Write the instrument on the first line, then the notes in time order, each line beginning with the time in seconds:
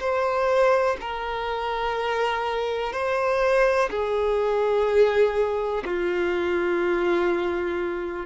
violin
0.00 C5
1.01 A#4
2.93 C5
3.90 G#4
5.85 F4